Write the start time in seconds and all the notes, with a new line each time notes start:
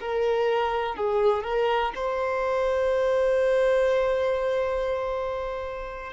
0.00 A#4
0.96 G#4
1.43 A#4
1.95 C5